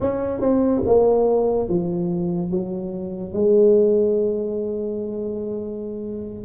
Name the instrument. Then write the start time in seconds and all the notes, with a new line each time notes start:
tuba
0.00 C#4
0.40 C4
0.86 A#3
1.68 F3
2.50 F#3
3.33 G#3